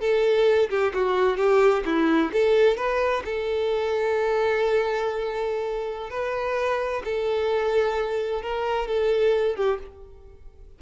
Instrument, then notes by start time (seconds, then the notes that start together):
violin
0.00 A4
0.69 G4
0.94 F#4
1.37 G4
1.85 E4
2.32 A4
2.77 B4
3.25 A4
6.10 B4
7.04 A4
8.42 A#4
8.87 A4
9.56 G4